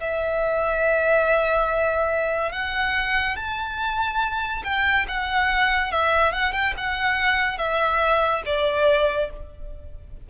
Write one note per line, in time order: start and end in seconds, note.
0.00 2.52 E5
2.52 3.36 F#5
3.36 4.63 A5
4.64 5.06 G5
5.08 5.92 F#5
5.92 6.32 E5
6.32 6.53 F#5
6.53 6.74 G5
6.78 7.58 F#5
7.58 8.42 E5
8.46 9.30 D5